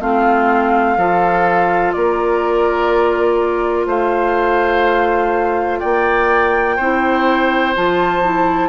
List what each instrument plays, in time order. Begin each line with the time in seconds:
0.00 bassoon A3, clarinet C4, oboe F4, flute F5
0.97 bassoon F3, clarinet F4, oboe A4
1.92 bassoon A#3, oboe A#4, flute D5
3.86 bassoon A3, oboe C5, flute F5
5.79 bassoon A#3, oboe D5, flute G5
6.76 bassoon C4, clarinet E4, oboe C5
7.75 bassoon F3, clarinet F4, flute A5
8.23 clarinet E4